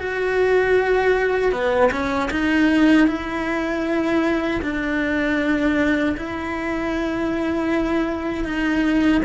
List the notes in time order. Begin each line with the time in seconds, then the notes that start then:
0.00 F#4
1.52 B3
1.92 C#4
2.31 D#4
3.08 E4
4.62 D4
6.17 E4
8.45 D#4